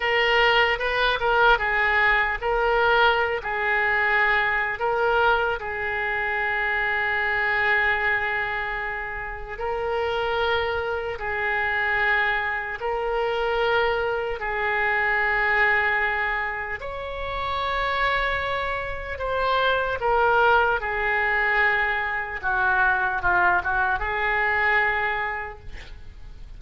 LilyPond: \new Staff \with { instrumentName = "oboe" } { \time 4/4 \tempo 4 = 75 ais'4 b'8 ais'8 gis'4 ais'4~ | ais'16 gis'4.~ gis'16 ais'4 gis'4~ | gis'1 | ais'2 gis'2 |
ais'2 gis'2~ | gis'4 cis''2. | c''4 ais'4 gis'2 | fis'4 f'8 fis'8 gis'2 | }